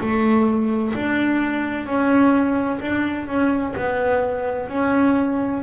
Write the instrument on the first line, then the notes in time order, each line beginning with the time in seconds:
double bass
0.00 A3
0.95 D4
1.86 C#4
2.81 D4
3.27 C#4
3.76 B3
4.69 C#4